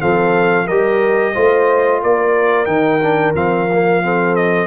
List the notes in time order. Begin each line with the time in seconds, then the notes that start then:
0.00 F3 C4 A4 F5
0.66 G3 G4 A#4 D#5
1.34 A3 F4 C5
2.03 A#3 A#4 D5
2.65 D#3 D#4 G5
3.03 D4
3.34 F3 C4 F5
3.72 A#3
4.02 C4 A4
4.36 D#5